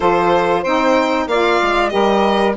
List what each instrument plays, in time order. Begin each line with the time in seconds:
0.00 bassoon F3, saxophone F4 A4, violin C5
0.61 bassoon C4, saxophone D#4 C5, violin G5
1.26 bassoon A#3, saxophone F4 D5, violin F5
1.62 bassoon G#3
1.89 bassoon G3, saxophone G4 A#4, violin D#5